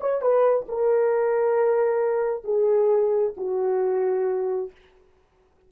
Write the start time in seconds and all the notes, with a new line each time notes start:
0.00 C#5
0.21 B4
0.68 A#4
2.44 G#4
3.36 F#4